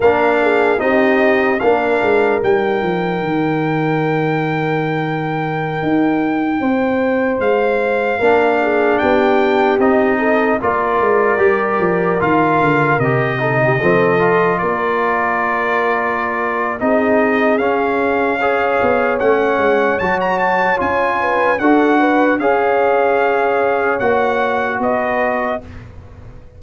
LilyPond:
<<
  \new Staff \with { instrumentName = "trumpet" } { \time 4/4 \tempo 4 = 75 f''4 dis''4 f''4 g''4~ | g''1~ | g''4~ g''16 f''2 g''8.~ | g''16 dis''4 d''2 f''8.~ |
f''16 dis''2 d''4.~ d''16~ | d''4 dis''4 f''2 | fis''4 a''16 ais''16 a''8 gis''4 fis''4 | f''2 fis''4 dis''4 | }
  \new Staff \with { instrumentName = "horn" } { \time 4/4 ais'8 gis'8 g'4 ais'2~ | ais'1~ | ais'16 c''2 ais'8 gis'8 g'8.~ | g'8. a'8 ais'2~ ais'8.~ |
ais'8. a'16 g'16 a'4 ais'4.~ ais'16~ | ais'4 gis'2 cis''4~ | cis''2~ cis''8 b'8 a'8 b'8 | cis''2. b'4 | }
  \new Staff \with { instrumentName = "trombone" } { \time 4/4 d'4 dis'4 d'4 dis'4~ | dis'1~ | dis'2~ dis'16 d'4.~ d'16~ | d'16 dis'4 f'4 g'4 f'8.~ |
f'16 g'8 dis'8 c'8 f'2~ f'16~ | f'4 dis'4 cis'4 gis'4 | cis'4 fis'4 f'4 fis'4 | gis'2 fis'2 | }
  \new Staff \with { instrumentName = "tuba" } { \time 4/4 ais4 c'4 ais8 gis8 g8 f8 | dis2.~ dis16 dis'8.~ | dis'16 c'4 gis4 ais4 b8.~ | b16 c'4 ais8 gis8 g8 f8 dis8 d16~ |
d16 c4 f4 ais4.~ ais16~ | ais4 c'4 cis'4. b8 | a8 gis8 fis4 cis'4 d'4 | cis'2 ais4 b4 | }
>>